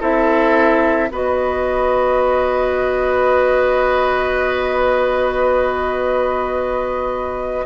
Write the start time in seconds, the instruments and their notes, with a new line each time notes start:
0.00 bassoon C4, clarinet E4, oboe A4, flute E5
1.11 bassoon B3, clarinet F#4, oboe B4, flute D#5